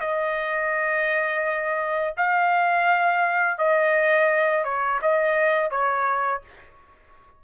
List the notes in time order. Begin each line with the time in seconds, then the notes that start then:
0.00 D#5
2.17 F5
3.58 D#5
4.64 C#5
5.02 D#5
5.70 C#5